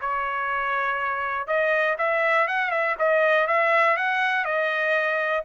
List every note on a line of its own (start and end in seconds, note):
0.00 1.47 C#5
1.47 1.96 D#5
1.97 2.47 E5
2.47 2.70 F#5
2.70 2.95 E5
2.99 3.47 D#5
3.47 3.96 E5
3.97 4.44 F#5
4.44 5.44 D#5